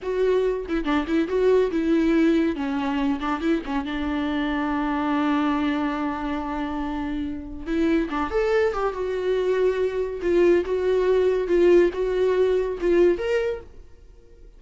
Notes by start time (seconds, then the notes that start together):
0.02 F#4
0.68 E4
0.84 D4
1.07 E4
1.28 F#4
1.71 E4
2.55 C#4
3.20 D4
3.40 E4
3.65 C#4
3.85 D4
7.66 E4
8.09 D4
8.30 A4
8.73 G4
8.93 F#4
10.21 F4
10.65 F#4
11.47 F4
11.93 F#4
12.80 F4
13.18 A#4